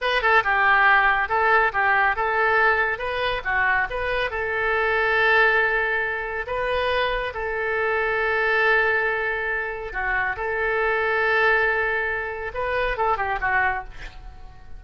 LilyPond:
\new Staff \with { instrumentName = "oboe" } { \time 4/4 \tempo 4 = 139 b'8 a'8 g'2 a'4 | g'4 a'2 b'4 | fis'4 b'4 a'2~ | a'2. b'4~ |
b'4 a'2.~ | a'2. fis'4 | a'1~ | a'4 b'4 a'8 g'8 fis'4 | }